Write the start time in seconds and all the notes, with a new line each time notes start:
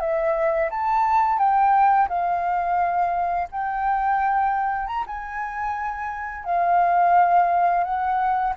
0.00 E5
0.70 A5
1.38 G5
2.08 F5
3.51 G5
4.87 A#5
5.06 G#5
6.45 F5
7.84 F#5